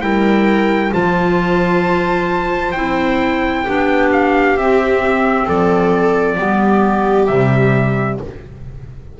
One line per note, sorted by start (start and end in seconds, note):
0.00 0.91 G3
0.00 0.91 E4
0.00 0.93 A#4
0.00 0.92 G5
0.91 2.75 F3
0.91 2.73 F4
0.91 3.63 C5
0.91 2.71 A5
2.71 3.66 C4
2.71 3.65 E4
2.71 4.08 G5
3.63 4.56 B3
3.63 4.57 D4
3.63 5.45 G4
4.12 4.57 F5
4.56 5.47 C4
4.56 6.37 C4
4.56 5.48 E5
5.45 6.38 F3
5.45 6.36 A4
5.45 7.26 D5
6.37 7.29 G3
6.37 7.28 B3
6.37 8.19 G4
7.26 8.20 C3
7.26 8.19 G3
7.26 8.17 E5